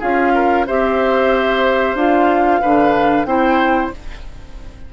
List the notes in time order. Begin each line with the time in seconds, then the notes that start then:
0.00 C#4 F4 G#4 F5
0.35 A#4
0.67 C4 G4 C5 E5
1.95 D4 F4 F5
2.62 D3 D4 B4
3.25 C4 E4 C5 G5